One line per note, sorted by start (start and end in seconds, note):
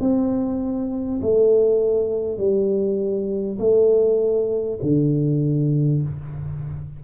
0.00 1.20 C4
1.21 2.38 A3
2.38 3.58 G3
3.59 4.79 A3
4.82 6.02 D3